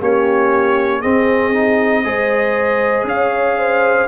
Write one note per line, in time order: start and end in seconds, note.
0.00 1.03 A#3
0.00 1.03 C#4
0.00 1.00 G4
0.00 1.02 C#5
1.00 1.54 C4
1.00 2.06 C4
1.00 2.02 G#4
1.00 3.05 D#5
1.54 2.05 D#4
2.05 3.04 G#3
2.05 4.08 G#4
2.05 3.08 C5
3.04 4.06 C#4
3.04 3.59 C#5
3.04 4.08 F5
3.59 4.08 C5